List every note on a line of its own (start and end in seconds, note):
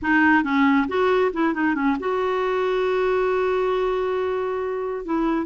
0.02 0.43 D#4
0.43 0.87 C#4
0.87 1.31 F#4
1.33 1.54 E4
1.54 1.74 D#4
1.74 1.96 C#4
1.99 5.05 F#4
5.05 5.45 E4